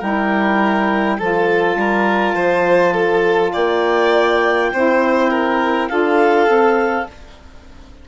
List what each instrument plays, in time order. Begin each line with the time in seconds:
0.00 bassoon G3, saxophone E4, violin A#4, clarinet G5
1.19 bassoon F3, saxophone F4, violin A4, clarinet A5
1.76 bassoon G3, violin A#4
2.35 bassoon F3, violin C5
2.94 violin A4
3.53 bassoon A#3, violin D5, clarinet G5
4.73 bassoon C4, saxophone E4, violin C5
5.31 violin A#4
5.89 bassoon D4, saxophone F4, violin A4, clarinet F5
6.48 bassoon C4, saxophone A4